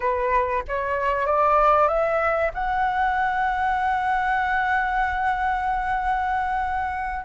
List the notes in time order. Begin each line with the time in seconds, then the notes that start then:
0.00 B4
0.68 C#5
1.26 D5
1.88 E5
2.53 F#5